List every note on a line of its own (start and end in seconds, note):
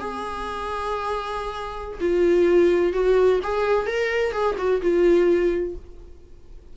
0.00 1.99 G#4
2.01 2.93 F4
2.93 3.40 F#4
3.44 3.87 G#4
3.87 4.33 A#4
4.33 4.56 G#4
4.58 4.82 F#4
4.82 5.76 F4